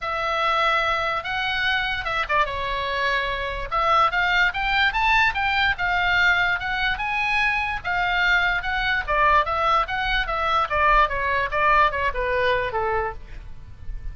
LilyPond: \new Staff \with { instrumentName = "oboe" } { \time 4/4 \tempo 4 = 146 e''2. fis''4~ | fis''4 e''8 d''8 cis''2~ | cis''4 e''4 f''4 g''4 | a''4 g''4 f''2 |
fis''4 gis''2 f''4~ | f''4 fis''4 d''4 e''4 | fis''4 e''4 d''4 cis''4 | d''4 cis''8 b'4. a'4 | }